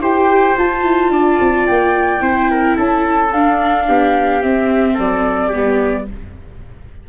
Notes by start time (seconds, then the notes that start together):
0.00 E4 G4 C5 G5
0.55 F4 A5
0.83 E4
1.10 D4 D5
1.40 C4
1.67 A#3 G5
2.20 C4 E4 C5
2.51 A#4
2.76 C#4 A4 A5
3.32 D4 F5
3.88 B3 G4
4.42 C4 E5
4.94 F#3 A4 D5
5.48 G3 B3 G4